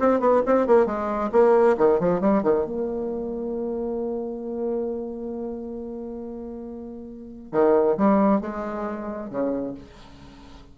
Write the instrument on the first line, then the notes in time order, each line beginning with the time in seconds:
bassoon
0.00 C4
0.20 B3
0.46 C4
0.67 A#3
0.86 G#3
1.32 A#3
1.78 D#3
2.00 F3
2.21 G3
2.43 D#3
2.65 A#3
7.52 D#3
7.97 G3
8.41 G#3
9.30 C#3